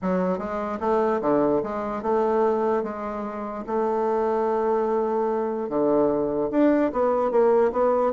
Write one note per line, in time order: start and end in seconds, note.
0.01 0.38 F#3
0.38 0.79 G#3
0.80 1.20 A3
1.21 1.61 D3
1.63 2.02 G#3
2.02 2.83 A3
2.83 3.64 G#3
3.67 5.69 A3
5.69 6.50 D3
6.50 6.91 D4
6.92 7.31 B3
7.31 7.71 A#3
7.72 8.12 B3